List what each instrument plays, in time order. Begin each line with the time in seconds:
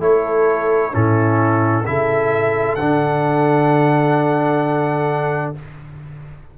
0.00 tuba A3, trombone E4, horn A4, trumpet C#5
0.92 tuba A2, trombone C#4, horn E4, trumpet A4
1.86 tuba C#3, trombone E4, horn A4, trumpet E5
2.76 tuba D3, trombone D4, trumpet F#5